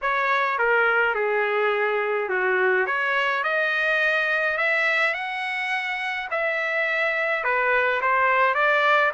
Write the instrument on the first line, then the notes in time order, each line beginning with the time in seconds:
trumpet
0.01 C#5
0.58 A#4
1.14 G#4
2.29 F#4
2.86 C#5
3.43 D#5
4.57 E5
5.14 F#5
6.30 E5
7.43 B4
8.01 C5
8.54 D5